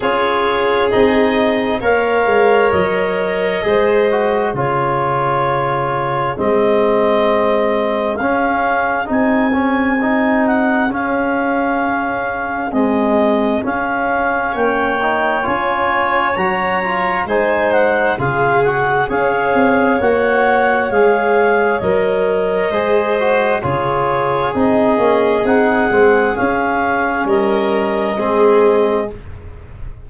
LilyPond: <<
  \new Staff \with { instrumentName = "clarinet" } { \time 4/4 \tempo 4 = 66 cis''4 dis''4 f''4 dis''4~ | dis''4 cis''2 dis''4~ | dis''4 f''4 gis''4. fis''8 | f''2 dis''4 f''4 |
g''4 gis''4 ais''4 gis''8 fis''8 | f''8 fis''8 f''4 fis''4 f''4 | dis''2 cis''4 dis''4 | fis''4 f''4 dis''2 | }
  \new Staff \with { instrumentName = "violin" } { \time 4/4 gis'2 cis''2 | c''4 gis'2.~ | gis'1~ | gis'1 |
cis''2. c''4 | gis'4 cis''2.~ | cis''4 c''4 gis'2~ | gis'2 ais'4 gis'4 | }
  \new Staff \with { instrumentName = "trombone" } { \time 4/4 f'4 dis'4 ais'2 | gis'8 fis'8 f'2 c'4~ | c'4 cis'4 dis'8 cis'8 dis'4 | cis'2 gis4 cis'4~ |
cis'8 dis'8 f'4 fis'8 f'8 dis'4 | f'8 fis'8 gis'4 fis'4 gis'4 | ais'4 gis'8 fis'8 f'4 dis'8 cis'8 | dis'8 c'8 cis'2 c'4 | }
  \new Staff \with { instrumentName = "tuba" } { \time 4/4 cis'4 c'4 ais8 gis8 fis4 | gis4 cis2 gis4~ | gis4 cis'4 c'2 | cis'2 c'4 cis'4 |
ais4 cis'4 fis4 gis4 | cis4 cis'8 c'8 ais4 gis4 | fis4 gis4 cis4 c'8 ais8 | c'8 gis8 cis'4 g4 gis4 | }
>>